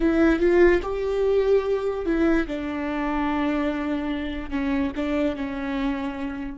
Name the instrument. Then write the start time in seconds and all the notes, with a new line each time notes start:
viola
0.00 E4
0.39 F4
0.82 G4
2.05 E4
2.47 D4
4.50 C#4
4.96 D4
5.35 C#4